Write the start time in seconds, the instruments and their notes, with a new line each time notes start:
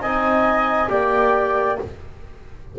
0.00 double bass C4, trombone D#4, flute D#5, clarinet G#5
0.88 double bass A#3, trombone G4, flute D5, clarinet G5